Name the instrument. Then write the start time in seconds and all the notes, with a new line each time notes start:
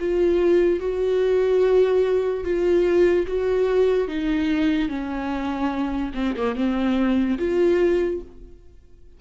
viola
0.00 F4
0.80 F#4
2.45 F4
3.27 F#4
4.08 D#4
4.89 C#4
6.15 C4
6.37 A#3
6.56 C4
7.39 F4